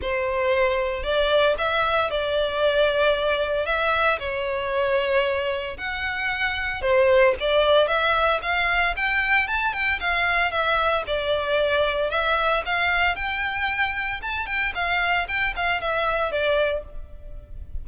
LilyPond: \new Staff \with { instrumentName = "violin" } { \time 4/4 \tempo 4 = 114 c''2 d''4 e''4 | d''2. e''4 | cis''2. fis''4~ | fis''4 c''4 d''4 e''4 |
f''4 g''4 a''8 g''8 f''4 | e''4 d''2 e''4 | f''4 g''2 a''8 g''8 | f''4 g''8 f''8 e''4 d''4 | }